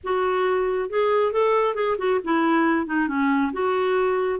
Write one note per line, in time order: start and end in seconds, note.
0.03 0.89 F#4
0.89 1.32 G#4
1.32 1.74 A4
1.74 1.96 G#4
1.97 2.19 F#4
2.24 2.86 E4
2.86 3.08 D#4
3.08 3.52 C#4
3.53 4.39 F#4